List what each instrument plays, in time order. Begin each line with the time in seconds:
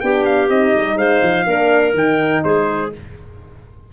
0.00 tuba B3, horn D4, clarinet G4, trumpet G5
0.25 trumpet F5
0.49 tuba C4, horn D#4, trumpet D#5
0.75 tuba G3
0.96 tuba G#3, clarinet C5, trumpet F5
1.22 tuba F3
1.45 tuba A#3, horn D4, clarinet A#4
1.93 tuba D#3, horn D#4, trumpet G5
2.44 tuba G#3, clarinet G#4, trumpet C5